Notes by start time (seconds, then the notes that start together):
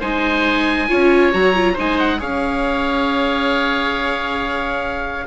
0.00 G#3 D#4 C5 G#5
0.89 C#4 F4 C#5
1.32 F#3 F#4 A#5
1.55 F4
1.73 G#3 D#4 C5
1.79 G#5
1.99 F#5
2.19 C#4 G#4 C#5 F5